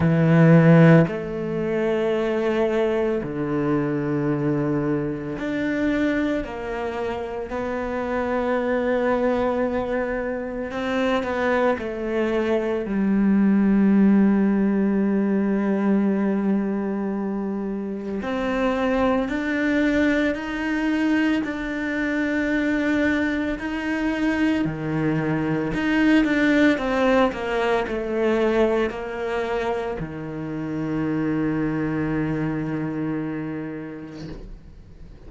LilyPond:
\new Staff \with { instrumentName = "cello" } { \time 4/4 \tempo 4 = 56 e4 a2 d4~ | d4 d'4 ais4 b4~ | b2 c'8 b8 a4 | g1~ |
g4 c'4 d'4 dis'4 | d'2 dis'4 dis4 | dis'8 d'8 c'8 ais8 a4 ais4 | dis1 | }